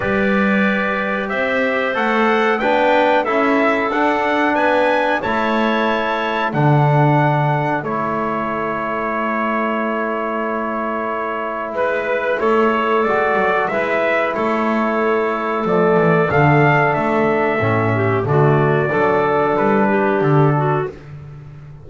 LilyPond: <<
  \new Staff \with { instrumentName = "trumpet" } { \time 4/4 \tempo 4 = 92 d''2 e''4 fis''4 | g''4 e''4 fis''4 gis''4 | a''2 fis''2 | cis''1~ |
cis''2 b'4 cis''4 | d''4 e''4 cis''2 | d''4 f''4 e''2 | d''2 b'4 a'4 | }
  \new Staff \with { instrumentName = "clarinet" } { \time 4/4 b'2 c''2 | b'4 a'2 b'4 | cis''2 a'2~ | a'1~ |
a'2 b'4 a'4~ | a'4 b'4 a'2~ | a'2.~ a'8 g'8 | fis'4 a'4. g'4 fis'8 | }
  \new Staff \with { instrumentName = "trombone" } { \time 4/4 g'2. a'4 | d'4 e'4 d'2 | e'2 d'2 | e'1~ |
e'1 | fis'4 e'2. | a4 d'2 cis'4 | a4 d'2. | }
  \new Staff \with { instrumentName = "double bass" } { \time 4/4 g2 c'4 a4 | b4 cis'4 d'4 b4 | a2 d2 | a1~ |
a2 gis4 a4 | gis8 fis8 gis4 a2 | f8 e8 d4 a4 a,4 | d4 fis4 g4 d4 | }
>>